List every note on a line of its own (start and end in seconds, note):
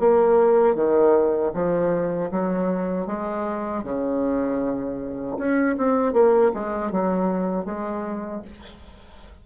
0.00 0.76 A#3
0.76 1.52 D#3
1.54 2.31 F3
2.31 3.07 F#3
3.07 3.84 G#3
3.84 5.38 C#3
5.38 5.77 C#4
5.78 6.14 C4
6.14 6.52 A#3
6.55 6.92 G#3
6.92 7.65 F#3
7.65 8.42 G#3